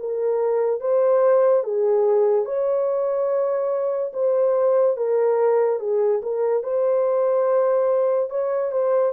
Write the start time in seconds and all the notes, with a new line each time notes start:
0.00 A#4
0.80 C5
1.64 G#4
2.45 C#5
4.13 C5
4.97 A#4
5.80 G#4
6.22 A#4
6.63 C5
8.30 C#5
8.72 C5